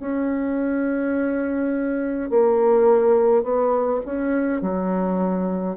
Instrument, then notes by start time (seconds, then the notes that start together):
bassoon
0.00 C#4
2.30 A#3
3.44 B3
4.06 C#4
4.62 F#3